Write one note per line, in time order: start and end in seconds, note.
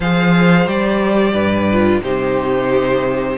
0.00 0.66 F3
0.00 0.66 G#4
0.00 1.32 C5
0.00 0.68 F5
0.66 1.33 G3
0.66 1.68 G4
0.66 2.03 D5
1.32 2.00 G2
1.32 2.00 B4
1.72 2.02 F4
2.02 3.37 C3
2.02 3.37 D#4
2.02 3.37 G4
2.02 3.37 C5